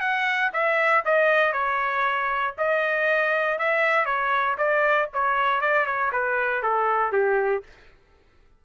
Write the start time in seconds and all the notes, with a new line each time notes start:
0.00 F#5
0.53 E5
1.05 D#5
1.53 C#5
2.57 D#5
3.59 E5
4.05 C#5
4.57 D5
5.13 C#5
5.61 D5
5.86 C#5
6.12 B4
6.63 A4
7.12 G4